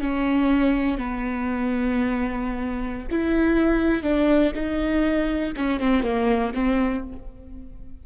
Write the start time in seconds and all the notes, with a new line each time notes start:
0.00 C#4
0.98 B3
3.11 E4
4.03 D4
4.54 D#4
5.56 C#4
5.80 C4
6.03 A#3
6.54 C4